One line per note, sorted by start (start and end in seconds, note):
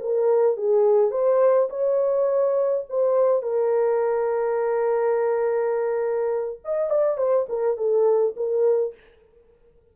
0.00 0.57 A#4
0.57 1.11 G#4
1.11 1.69 C5
1.70 2.85 C#5
2.90 3.42 C5
3.42 6.60 A#4
6.65 6.90 D#5
6.90 7.18 D5
7.18 7.47 C5
7.49 7.77 A#4
7.77 8.35 A4
8.37 8.94 A#4